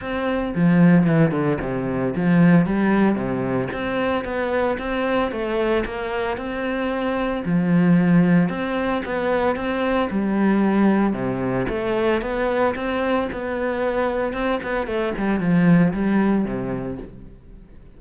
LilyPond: \new Staff \with { instrumentName = "cello" } { \time 4/4 \tempo 4 = 113 c'4 f4 e8 d8 c4 | f4 g4 c4 c'4 | b4 c'4 a4 ais4 | c'2 f2 |
c'4 b4 c'4 g4~ | g4 c4 a4 b4 | c'4 b2 c'8 b8 | a8 g8 f4 g4 c4 | }